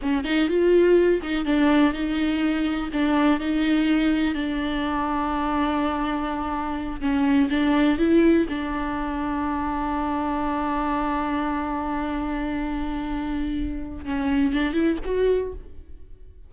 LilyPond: \new Staff \with { instrumentName = "viola" } { \time 4/4 \tempo 4 = 124 cis'8 dis'8 f'4. dis'8 d'4 | dis'2 d'4 dis'4~ | dis'4 d'2.~ | d'2~ d'8 cis'4 d'8~ |
d'8 e'4 d'2~ d'8~ | d'1~ | d'1~ | d'4 cis'4 d'8 e'8 fis'4 | }